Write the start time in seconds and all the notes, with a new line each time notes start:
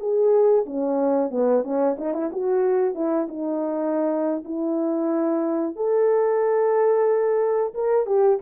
0.00 G#4
0.67 C#4
1.31 B3
1.64 C#4
1.98 D#4
2.14 E4
2.33 F#4
2.95 E4
3.29 D#4
4.45 E4
5.76 A4
7.75 A#4
8.07 G4